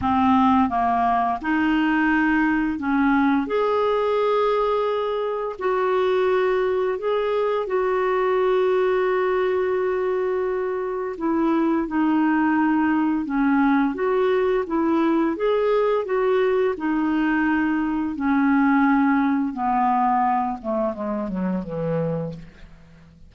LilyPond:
\new Staff \with { instrumentName = "clarinet" } { \time 4/4 \tempo 4 = 86 c'4 ais4 dis'2 | cis'4 gis'2. | fis'2 gis'4 fis'4~ | fis'1 |
e'4 dis'2 cis'4 | fis'4 e'4 gis'4 fis'4 | dis'2 cis'2 | b4. a8 gis8 fis8 e4 | }